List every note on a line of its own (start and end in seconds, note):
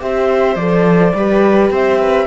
0.00 0.55 C4
0.00 0.57 G4
0.00 1.17 C5
0.00 0.55 E5
0.55 1.12 F3
0.55 1.14 A4
0.55 1.70 D5
1.14 1.70 G3
1.14 2.27 G4
1.14 1.72 B4
1.70 2.27 C4
1.70 1.99 C5
1.70 2.27 E5
1.99 2.27 B4